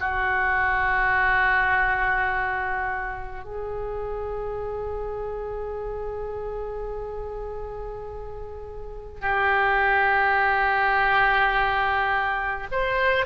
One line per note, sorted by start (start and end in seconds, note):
0.00 3.45 F#4
3.45 9.21 G#4
9.21 12.67 G4
12.72 13.25 C5